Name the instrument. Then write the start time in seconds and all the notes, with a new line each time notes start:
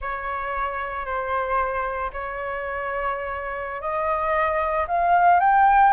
flute
0.01 C#5
1.05 C5
2.12 C#5
3.81 D#5
4.87 F5
5.39 G5